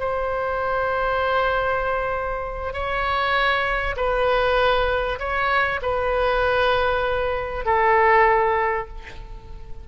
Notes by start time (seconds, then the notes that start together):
0.00 C5
2.74 C#5
3.97 B4
5.20 C#5
5.82 B4
7.66 A4